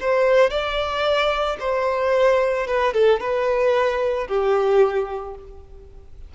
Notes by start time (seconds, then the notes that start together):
0.00 C5
0.50 D5
1.60 C5
2.67 B4
2.93 A4
3.20 B4
4.27 G4